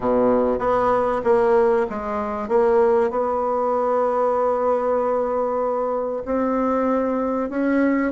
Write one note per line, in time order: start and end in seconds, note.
0.00 0.59 B2
0.59 1.21 B3
1.24 1.86 A#3
1.89 2.48 G#3
2.48 3.10 A#3
3.10 6.23 B3
6.25 7.49 C4
7.49 8.12 C#4